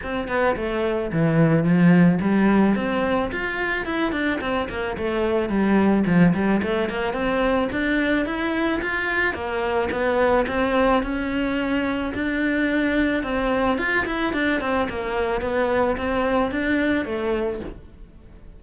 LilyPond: \new Staff \with { instrumentName = "cello" } { \time 4/4 \tempo 4 = 109 c'8 b8 a4 e4 f4 | g4 c'4 f'4 e'8 d'8 | c'8 ais8 a4 g4 f8 g8 | a8 ais8 c'4 d'4 e'4 |
f'4 ais4 b4 c'4 | cis'2 d'2 | c'4 f'8 e'8 d'8 c'8 ais4 | b4 c'4 d'4 a4 | }